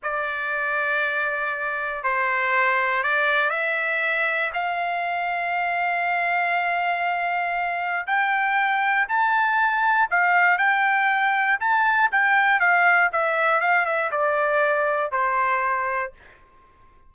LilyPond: \new Staff \with { instrumentName = "trumpet" } { \time 4/4 \tempo 4 = 119 d''1 | c''2 d''4 e''4~ | e''4 f''2.~ | f''1 |
g''2 a''2 | f''4 g''2 a''4 | g''4 f''4 e''4 f''8 e''8 | d''2 c''2 | }